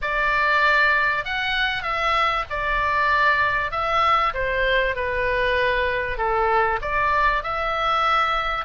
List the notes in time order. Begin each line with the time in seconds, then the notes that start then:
0.01 D5
1.25 F#5
1.82 E5
2.50 D5
3.71 E5
4.34 C5
4.95 B4
6.17 A4
6.81 D5
7.43 E5